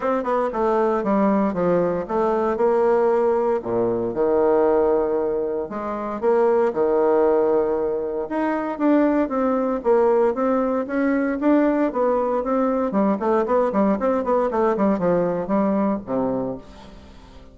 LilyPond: \new Staff \with { instrumentName = "bassoon" } { \time 4/4 \tempo 4 = 116 c'8 b8 a4 g4 f4 | a4 ais2 ais,4 | dis2. gis4 | ais4 dis2. |
dis'4 d'4 c'4 ais4 | c'4 cis'4 d'4 b4 | c'4 g8 a8 b8 g8 c'8 b8 | a8 g8 f4 g4 c4 | }